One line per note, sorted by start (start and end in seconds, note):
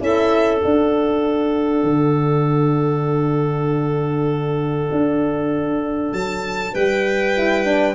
0.00 0.62 C#4
0.00 0.61 E4
0.00 6.74 A4
0.00 0.62 E5
0.61 7.34 D4
0.61 1.83 D4
0.61 6.13 F#5
1.83 4.90 D3
4.92 6.13 D4
6.13 6.74 F#3
6.13 6.75 A5
6.74 7.95 G3
6.74 7.95 B4
6.74 7.95 G5
7.37 7.65 E4
7.65 7.95 D4